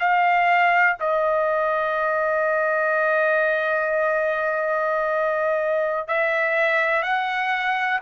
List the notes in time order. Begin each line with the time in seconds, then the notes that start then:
0.00 F5
1.00 D#5
6.08 E5
7.03 F#5